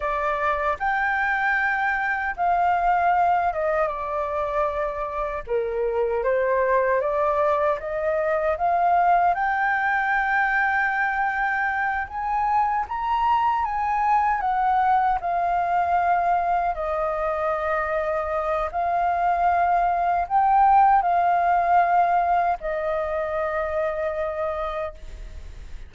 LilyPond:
\new Staff \with { instrumentName = "flute" } { \time 4/4 \tempo 4 = 77 d''4 g''2 f''4~ | f''8 dis''8 d''2 ais'4 | c''4 d''4 dis''4 f''4 | g''2.~ g''8 gis''8~ |
gis''8 ais''4 gis''4 fis''4 f''8~ | f''4. dis''2~ dis''8 | f''2 g''4 f''4~ | f''4 dis''2. | }